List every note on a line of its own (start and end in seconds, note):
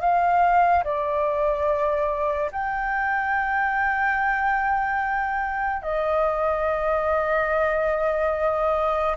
0.00 0.83 F5
0.84 2.50 D5
2.52 5.82 G5
5.82 9.16 D#5